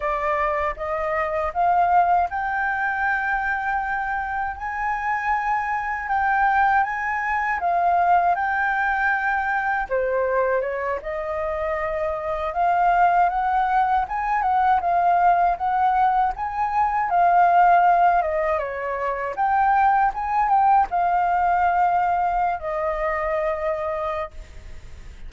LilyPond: \new Staff \with { instrumentName = "flute" } { \time 4/4 \tempo 4 = 79 d''4 dis''4 f''4 g''4~ | g''2 gis''2 | g''4 gis''4 f''4 g''4~ | g''4 c''4 cis''8 dis''4.~ |
dis''8 f''4 fis''4 gis''8 fis''8 f''8~ | f''8 fis''4 gis''4 f''4. | dis''8 cis''4 g''4 gis''8 g''8 f''8~ | f''4.~ f''16 dis''2~ dis''16 | }